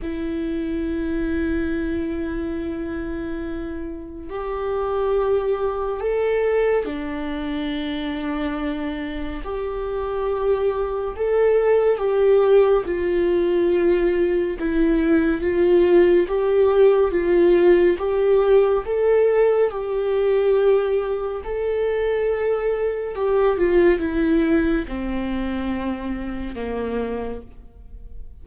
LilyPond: \new Staff \with { instrumentName = "viola" } { \time 4/4 \tempo 4 = 70 e'1~ | e'4 g'2 a'4 | d'2. g'4~ | g'4 a'4 g'4 f'4~ |
f'4 e'4 f'4 g'4 | f'4 g'4 a'4 g'4~ | g'4 a'2 g'8 f'8 | e'4 c'2 ais4 | }